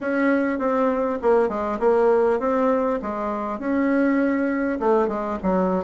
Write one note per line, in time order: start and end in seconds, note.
0.01 0.58 C#4
0.58 1.18 C4
1.22 1.48 A#3
1.48 1.78 G#3
1.79 2.39 A#3
2.39 2.99 C4
3.02 3.59 G#3
3.59 4.79 C#4
4.79 5.08 A3
5.08 5.38 G#3
5.42 5.84 F#3